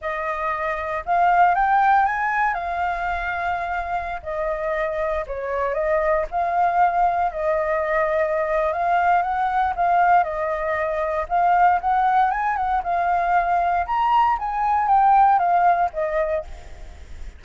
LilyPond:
\new Staff \with { instrumentName = "flute" } { \time 4/4 \tempo 4 = 117 dis''2 f''4 g''4 | gis''4 f''2.~ | f''16 dis''2 cis''4 dis''8.~ | dis''16 f''2 dis''4.~ dis''16~ |
dis''4 f''4 fis''4 f''4 | dis''2 f''4 fis''4 | gis''8 fis''8 f''2 ais''4 | gis''4 g''4 f''4 dis''4 | }